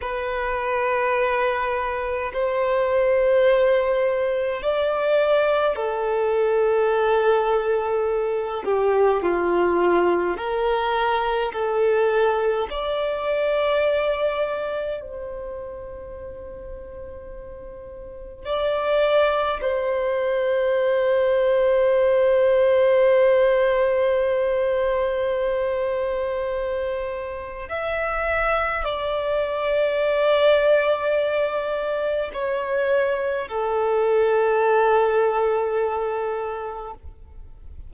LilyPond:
\new Staff \with { instrumentName = "violin" } { \time 4/4 \tempo 4 = 52 b'2 c''2 | d''4 a'2~ a'8 g'8 | f'4 ais'4 a'4 d''4~ | d''4 c''2. |
d''4 c''2.~ | c''1 | e''4 d''2. | cis''4 a'2. | }